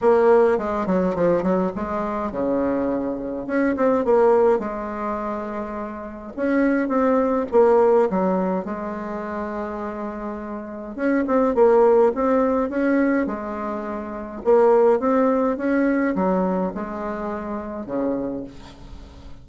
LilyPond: \new Staff \with { instrumentName = "bassoon" } { \time 4/4 \tempo 4 = 104 ais4 gis8 fis8 f8 fis8 gis4 | cis2 cis'8 c'8 ais4 | gis2. cis'4 | c'4 ais4 fis4 gis4~ |
gis2. cis'8 c'8 | ais4 c'4 cis'4 gis4~ | gis4 ais4 c'4 cis'4 | fis4 gis2 cis4 | }